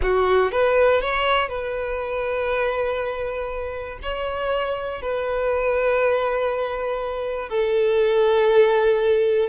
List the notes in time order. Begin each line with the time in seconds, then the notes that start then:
0.01 F#4
0.51 B4
1.01 C#5
1.49 B4
4.02 C#5
5.01 B4
7.49 A4